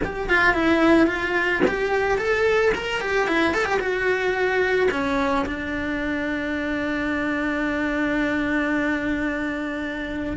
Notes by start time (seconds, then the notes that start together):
0.04 G4
0.29 F4
0.54 E4
1.06 F4
1.67 G4
2.18 A4
2.74 A#4
3.00 G4
3.27 E4
3.54 A4
3.65 G4
3.79 F#4
4.91 C#4
5.46 D4